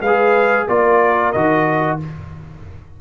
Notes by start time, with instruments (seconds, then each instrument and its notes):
0.00 tuba G#3, trombone G#4, horn B4, trumpet F5
0.67 tuba A#3, trombone F4, horn A#4, trumpet D5
1.32 tuba D#3, trombone F#4, trumpet D#5